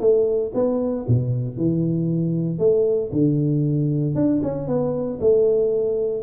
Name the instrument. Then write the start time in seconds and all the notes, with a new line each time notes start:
tuba
0.00 A3
0.54 B3
1.08 B2
1.57 E3
2.59 A3
3.12 D3
4.15 D4
4.42 C#4
4.67 B3
5.21 A3